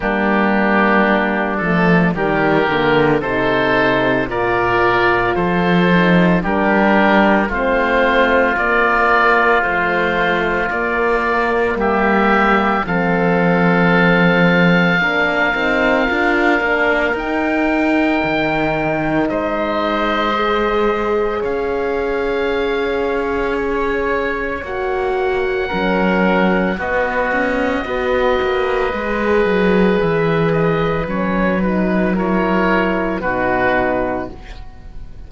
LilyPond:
<<
  \new Staff \with { instrumentName = "oboe" } { \time 4/4 \tempo 4 = 56 g'4. a'8 ais'4 c''4 | d''4 c''4 ais'4 c''4 | d''4 c''4 d''4 e''4 | f''1 |
g''2 dis''2 | f''2 cis''4 fis''4~ | fis''4 dis''2. | e''8 dis''8 cis''8 b'8 cis''4 b'4 | }
  \new Staff \with { instrumentName = "oboe" } { \time 4/4 d'2 g'4 a'4 | ais'4 a'4 g'4 f'4~ | f'2. g'4 | a'2 ais'2~ |
ais'2 c''2 | cis''1 | ais'4 fis'4 b'2~ | b'2 ais'4 fis'4 | }
  \new Staff \with { instrumentName = "horn" } { \time 4/4 ais4. a8 g8 ais8 dis'4 | f'4. dis'8 d'4 c'4 | ais4 f4 ais2 | c'2 d'8 dis'8 f'8 d'8 |
dis'2. gis'4~ | gis'2. fis'4 | cis'4 b4 fis'4 gis'4~ | gis'4 cis'8 dis'8 e'4 dis'4 | }
  \new Staff \with { instrumentName = "cello" } { \time 4/4 g4. f8 dis8 d8 c4 | ais,4 f4 g4 a4 | ais4 a4 ais4 g4 | f2 ais8 c'8 d'8 ais8 |
dis'4 dis4 gis2 | cis'2. ais4 | fis4 b8 cis'8 b8 ais8 gis8 fis8 | e4 fis2 b,4 | }
>>